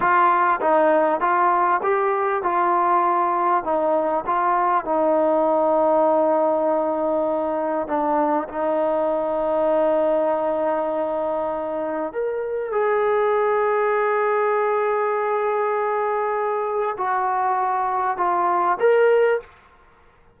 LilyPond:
\new Staff \with { instrumentName = "trombone" } { \time 4/4 \tempo 4 = 99 f'4 dis'4 f'4 g'4 | f'2 dis'4 f'4 | dis'1~ | dis'4 d'4 dis'2~ |
dis'1 | ais'4 gis'2.~ | gis'1 | fis'2 f'4 ais'4 | }